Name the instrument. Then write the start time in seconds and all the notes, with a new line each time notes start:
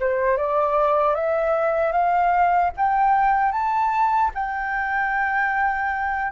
flute
0.00 C5
0.38 D5
1.15 E5
1.92 F5
2.77 G5
3.52 A5
4.35 G5